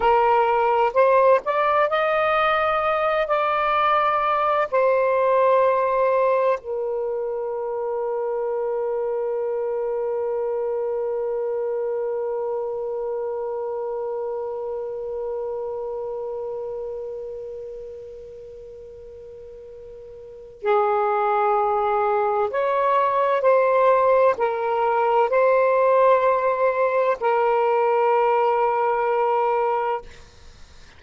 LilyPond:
\new Staff \with { instrumentName = "saxophone" } { \time 4/4 \tempo 4 = 64 ais'4 c''8 d''8 dis''4. d''8~ | d''4 c''2 ais'4~ | ais'1~ | ais'1~ |
ais'1~ | ais'2 gis'2 | cis''4 c''4 ais'4 c''4~ | c''4 ais'2. | }